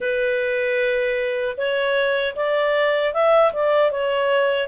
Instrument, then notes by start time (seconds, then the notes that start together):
clarinet
0.00 B4
1.57 C#5
2.35 D5
3.13 E5
3.53 D5
3.91 C#5